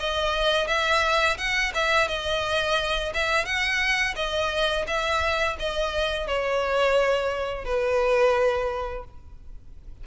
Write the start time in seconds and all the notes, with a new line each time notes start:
0.00 D#5
0.68 E5
1.38 F#5
1.75 E5
2.09 D#5
3.14 E5
3.45 F#5
4.16 D#5
4.88 E5
5.59 D#5
6.28 C#5
7.65 B4